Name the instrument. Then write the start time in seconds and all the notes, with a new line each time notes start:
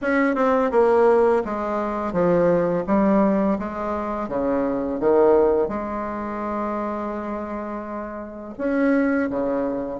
bassoon
0.01 C#4
0.35 C4
0.71 A#3
1.44 G#3
2.12 F3
2.86 G3
3.58 G#3
4.28 C#3
5.00 D#3
5.68 G#3
8.57 C#4
9.30 C#3